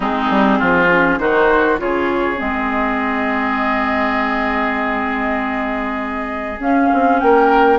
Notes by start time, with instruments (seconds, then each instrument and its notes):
0.00 bassoon G#3, clarinet C4, oboe D#4, flute G#4
0.29 bassoon G3
0.58 bassoon F3, oboe F4
0.90 clarinet C#4
1.18 bassoon D#3, clarinet D#4, oboe F#4, flute C5
1.77 bassoon C#3, clarinet F4, oboe G#4, flute C#5
2.36 bassoon G#3, clarinet C4, flute D#5
6.58 bassoon C#4, clarinet C#4, flute F5
6.93 bassoon C4
7.19 bassoon A#3, oboe A#4, flute G5